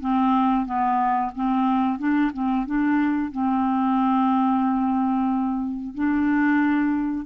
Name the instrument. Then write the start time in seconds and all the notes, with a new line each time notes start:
clarinet
0.00 C4
0.65 B3
1.35 C4
1.98 D4
2.33 C4
2.66 D4
3.31 C4
5.94 D4